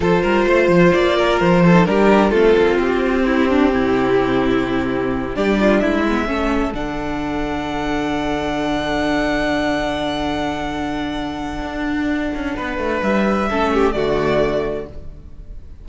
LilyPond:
<<
  \new Staff \with { instrumentName = "violin" } { \time 4/4 \tempo 4 = 129 c''2 d''4 c''4 | ais'4 a'4 g'2~ | g'2.~ g'8 d''8~ | d''8 e''2 fis''4.~ |
fis''1~ | fis''1~ | fis''1 | e''2 d''2 | }
  \new Staff \with { instrumentName = "violin" } { \time 4/4 a'8 ais'8 c''4. ais'4 a'8 | g'4 f'2 e'8 d'8 | e'2.~ e'8 g'8 | f'8 e'4 a'2~ a'8~ |
a'1~ | a'1~ | a'2. b'4~ | b'4 a'8 g'8 fis'2 | }
  \new Staff \with { instrumentName = "viola" } { \time 4/4 f'2.~ f'8. dis'16 | d'4 c'2.~ | c'2.~ c'8 d'8~ | d'4 b8 cis'4 d'4.~ |
d'1~ | d'1~ | d'1~ | d'4 cis'4 a2 | }
  \new Staff \with { instrumentName = "cello" } { \time 4/4 f8 g8 a8 f8 ais4 f4 | g4 a8 ais8 c'2 | c2.~ c8 g8~ | g8 gis4 a4 d4.~ |
d1~ | d1~ | d4 d'4. cis'8 b8 a8 | g4 a4 d2 | }
>>